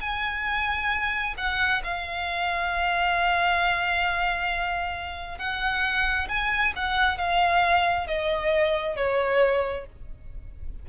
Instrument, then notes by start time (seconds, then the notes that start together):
violin
0.00 G#5
1.37 F#5
1.83 F5
5.38 F#5
6.28 G#5
6.75 F#5
7.18 F5
8.06 D#5
8.96 C#5